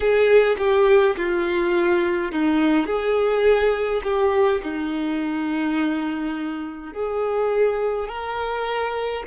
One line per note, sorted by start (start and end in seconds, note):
0.00 0.56 G#4
0.58 1.15 G4
1.17 2.32 F4
2.32 2.86 D#4
2.86 4.01 G#4
4.03 4.61 G4
4.63 6.93 D#4
6.93 8.08 G#4
8.08 9.23 A#4